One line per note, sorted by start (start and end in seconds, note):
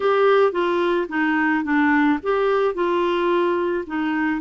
0.00 0.52 G4
0.52 1.07 F4
1.09 1.63 D#4
1.63 2.18 D4
2.22 2.74 G4
2.74 3.84 F4
3.86 4.41 D#4